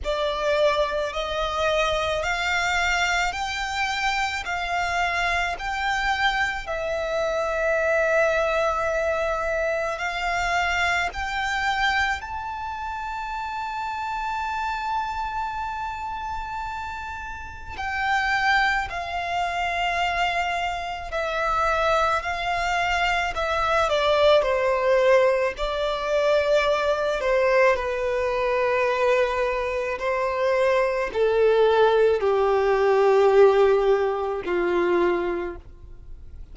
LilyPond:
\new Staff \with { instrumentName = "violin" } { \time 4/4 \tempo 4 = 54 d''4 dis''4 f''4 g''4 | f''4 g''4 e''2~ | e''4 f''4 g''4 a''4~ | a''1 |
g''4 f''2 e''4 | f''4 e''8 d''8 c''4 d''4~ | d''8 c''8 b'2 c''4 | a'4 g'2 f'4 | }